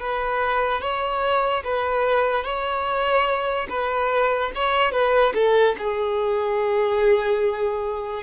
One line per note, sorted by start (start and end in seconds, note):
0.00 0.81 B4
0.81 1.64 C#5
1.64 2.44 B4
2.44 3.68 C#5
3.69 4.52 B4
4.55 4.92 C#5
4.92 5.33 B4
5.35 5.76 A4
5.78 8.23 G#4